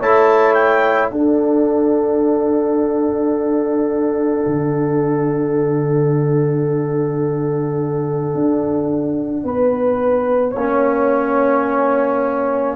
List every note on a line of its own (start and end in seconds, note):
0.00 1.11 A3
0.00 1.12 E4
0.00 1.11 C#5
0.00 0.54 A5
0.54 1.09 G5
1.09 4.44 D4
1.09 10.56 D4
1.09 9.45 A4
1.09 12.76 F#5
4.47 8.35 D3
8.35 9.44 D4
9.44 10.55 B3
9.44 10.52 B4
10.52 12.76 A#3
10.52 12.76 C#4
10.52 12.74 C#5